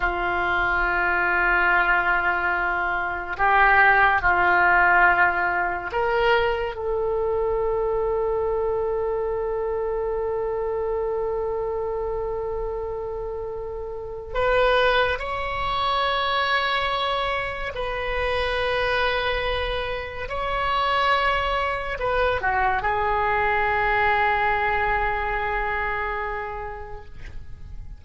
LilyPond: \new Staff \with { instrumentName = "oboe" } { \time 4/4 \tempo 4 = 71 f'1 | g'4 f'2 ais'4 | a'1~ | a'1~ |
a'4 b'4 cis''2~ | cis''4 b'2. | cis''2 b'8 fis'8 gis'4~ | gis'1 | }